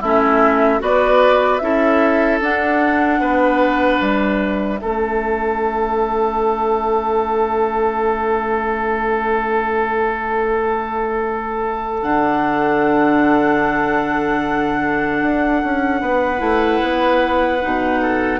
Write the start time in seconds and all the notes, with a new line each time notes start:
0.00 A3 C#4 E4 E5
0.80 B3 F#4 B4 D5
1.58 C#4 E4 A4 E5
2.41 D4 F#5
3.20 B3 B4
4.01 G3 E5
4.79 A3 C#4 A4
12.02 D3 D4 F#5
15.23 D4
15.64 C#4
16.01 B3 B4
16.38 A3 E4
16.83 B3
17.62 B2 D#4
18.02 A4